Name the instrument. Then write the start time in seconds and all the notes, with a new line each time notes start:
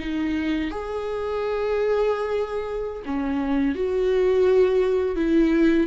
viola
0.00 D#4
0.71 G#4
3.06 C#4
3.76 F#4
5.16 E4